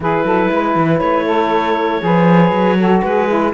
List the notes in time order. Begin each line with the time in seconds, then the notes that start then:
0.00 E3 E4 G#4 B4
0.24 F#3 A4
0.50 G#3 B4
0.75 E3
0.99 A3 C#5
1.25 A4
2.00 F3 G#4 B4
2.51 F#3
2.78 F#4 A4
3.03 G#3 G#4 B4
3.27 E4